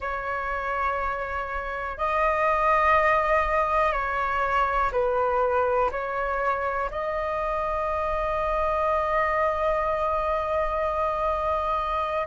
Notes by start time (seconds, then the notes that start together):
0.00 C#5
1.97 D#5
3.92 C#5
4.92 B4
5.91 C#5
6.90 D#5